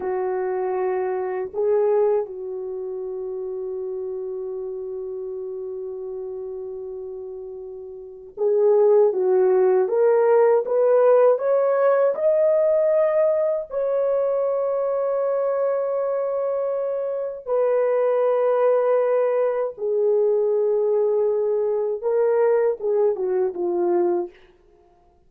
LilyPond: \new Staff \with { instrumentName = "horn" } { \time 4/4 \tempo 4 = 79 fis'2 gis'4 fis'4~ | fis'1~ | fis'2. gis'4 | fis'4 ais'4 b'4 cis''4 |
dis''2 cis''2~ | cis''2. b'4~ | b'2 gis'2~ | gis'4 ais'4 gis'8 fis'8 f'4 | }